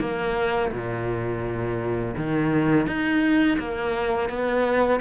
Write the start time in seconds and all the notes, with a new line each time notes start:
0.00 A#3
0.72 A#2
2.17 D#3
2.86 D#4
3.59 A#3
4.29 B3